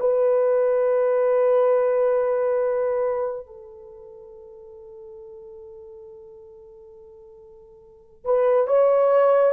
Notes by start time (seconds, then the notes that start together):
0.00 B4
3.46 A4
8.25 B4
8.67 C#5